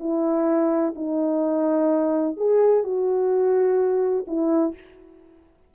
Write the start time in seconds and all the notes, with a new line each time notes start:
0.00 E4
0.96 D#4
2.37 G#4
2.84 F#4
4.27 E4